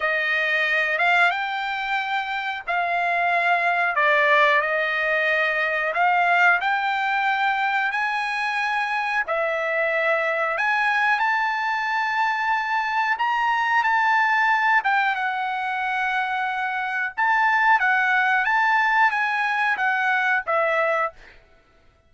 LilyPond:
\new Staff \with { instrumentName = "trumpet" } { \time 4/4 \tempo 4 = 91 dis''4. f''8 g''2 | f''2 d''4 dis''4~ | dis''4 f''4 g''2 | gis''2 e''2 |
gis''4 a''2. | ais''4 a''4. g''8 fis''4~ | fis''2 a''4 fis''4 | a''4 gis''4 fis''4 e''4 | }